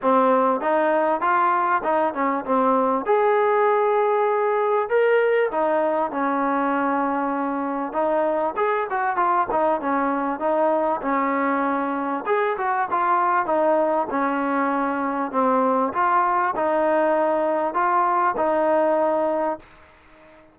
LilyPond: \new Staff \with { instrumentName = "trombone" } { \time 4/4 \tempo 4 = 98 c'4 dis'4 f'4 dis'8 cis'8 | c'4 gis'2. | ais'4 dis'4 cis'2~ | cis'4 dis'4 gis'8 fis'8 f'8 dis'8 |
cis'4 dis'4 cis'2 | gis'8 fis'8 f'4 dis'4 cis'4~ | cis'4 c'4 f'4 dis'4~ | dis'4 f'4 dis'2 | }